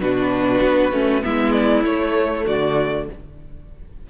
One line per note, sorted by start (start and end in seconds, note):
0.00 0.61 B2
0.00 0.92 D4
0.00 1.24 F#4
0.00 1.24 B4
0.62 0.92 B3
0.92 1.22 A3
0.92 1.23 C#4
1.23 1.83 G#3
1.23 1.84 B3
1.23 2.46 E4
1.23 1.52 E5
1.52 1.83 D5
1.83 2.45 A3
1.83 3.10 A3
1.83 2.46 C#5
2.46 3.08 D3
2.46 3.07 F#4
2.46 3.08 D5